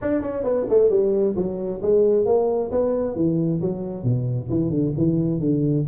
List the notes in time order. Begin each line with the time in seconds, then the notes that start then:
0.01 D4
0.21 C#4
0.43 B3
0.69 A3
0.90 G3
1.36 F#3
1.81 G#3
2.25 A#3
2.71 B3
3.15 E3
3.61 F#3
4.03 B2
4.49 E3
4.69 D3
4.97 E3
5.40 D3